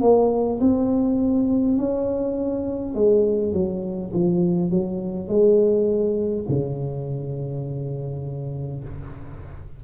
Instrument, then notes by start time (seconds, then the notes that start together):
tuba
0.00 A#3
0.60 C4
1.78 C#4
2.94 G#3
3.53 F#3
4.13 F3
4.70 F#3
5.28 G#3
6.48 C#3